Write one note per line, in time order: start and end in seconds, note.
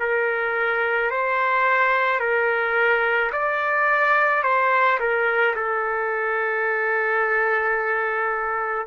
0.00 1.11 A#4
1.11 2.20 C5
2.20 3.31 A#4
3.33 4.43 D5
4.43 4.99 C5
5.00 5.56 A#4
5.56 8.87 A4